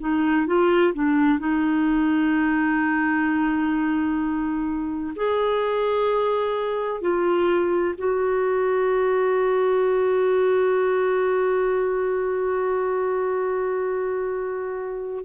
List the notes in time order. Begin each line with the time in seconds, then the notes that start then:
0.00 D#4
0.47 F4
0.94 D4
1.39 D#4
5.16 G#4
7.01 F4
7.99 F#4